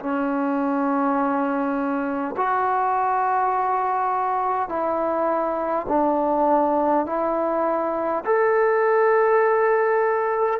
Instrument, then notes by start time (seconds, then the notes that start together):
trombone
0.00 C#4
2.37 F#4
4.68 E4
5.88 D4
7.06 E4
8.25 A4